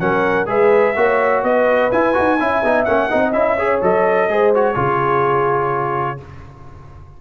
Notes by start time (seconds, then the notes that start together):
0.00 F#3 C#4 A#4 F#5
0.46 G#3 G#4 B4 E5
0.96 A#3 F#4 C#5
1.43 B3 B4 D#5
1.92 E4 G#5
2.14 D#4 F#4
2.40 C#4 E4 E5
2.63 B3 D#4
2.85 A#3 C#4 F#5
3.10 C4 D#4 D#5
3.33 C#4 E4 E5
3.57 G#4 C#5
3.82 F#3 A4 D#5
4.29 G#3 G#4 C5
4.55 F#4 C#5
4.75 C#3 F4 G#4